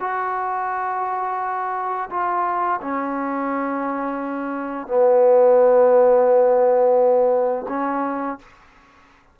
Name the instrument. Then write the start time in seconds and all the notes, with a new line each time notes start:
trombone
0.00 F#4
2.10 F4
2.81 C#4
4.87 B3
7.69 C#4